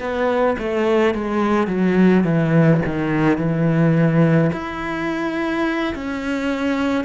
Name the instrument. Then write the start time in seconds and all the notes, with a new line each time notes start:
cello
0.00 B3
0.59 A3
1.15 G#3
1.68 F#3
2.24 E3
2.86 D#3
3.38 E3
4.53 E4
5.95 C#4